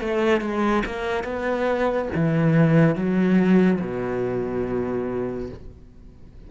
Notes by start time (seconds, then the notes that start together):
0.00 A3
0.40 G#3
0.86 A#3
1.24 B3
2.15 E3
2.95 F#3
3.80 B2